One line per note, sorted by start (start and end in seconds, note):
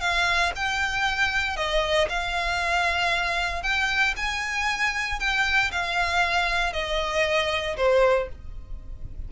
0.00 0.52 F5
0.55 1.56 G5
1.56 2.08 D#5
2.09 3.63 F5
3.63 4.14 G5
4.16 5.19 G#5
5.19 5.71 G5
5.71 6.72 F5
6.72 7.76 D#5
7.76 8.28 C5